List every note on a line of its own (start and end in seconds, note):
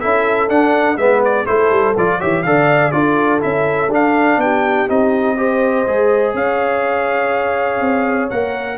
0.00 0.49 C#4
0.00 0.49 E4
0.00 0.98 A4
0.00 0.49 E5
0.49 0.97 D4
0.49 0.98 D4
0.49 0.97 F#5
0.97 1.46 G#3
0.97 1.46 B3
0.97 1.46 B4
0.97 1.22 E5
1.24 1.46 D5
1.46 1.70 A3
1.46 1.95 E4
1.46 2.19 A4
1.46 1.95 C5
1.70 1.95 G3
1.97 2.22 F3
1.97 2.20 F4
1.97 2.21 D5
2.19 2.45 E3
2.19 2.45 G4
2.19 2.43 C#5
2.19 2.43 E5
2.43 2.93 D3
2.43 2.92 A4
2.43 2.94 D5
2.43 2.91 F5
2.91 3.42 D4
2.91 3.40 F4
2.91 4.40 A4
2.91 3.40 D5
3.40 3.89 C#4
3.40 3.89 E4
3.40 3.91 E5
3.89 4.37 D4
3.89 4.88 D4
3.89 4.41 F5
4.37 4.86 B3
4.37 5.37 G4
4.37 4.89 G5
4.88 5.87 C4
4.88 5.37 D#4
4.88 6.36 D#5
5.37 5.86 G4
5.37 6.34 C5
5.87 6.34 G#3
5.87 8.30 G#4
6.34 7.80 C#4
6.34 8.78 C#5
6.34 8.30 F5
7.81 8.29 C4
8.30 8.78 A#3
8.30 8.78 A#4
8.30 8.78 F#5